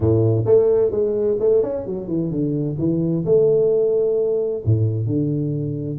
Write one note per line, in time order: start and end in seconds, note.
0.00 0.44 A2
0.45 0.91 A3
0.91 1.37 G#3
1.39 1.62 A3
1.62 1.85 C#4
1.85 2.07 F#3
2.07 2.30 E3
2.31 2.77 D3
2.78 3.24 E3
3.25 4.63 A3
4.65 5.06 A2
5.06 5.98 D3